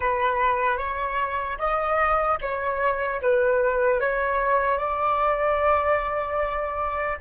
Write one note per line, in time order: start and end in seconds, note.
0.00 0.77 B4
0.77 1.57 C#5
1.58 2.38 D#5
2.41 3.21 C#5
3.21 4.00 B4
4.00 4.78 C#5
4.78 7.18 D5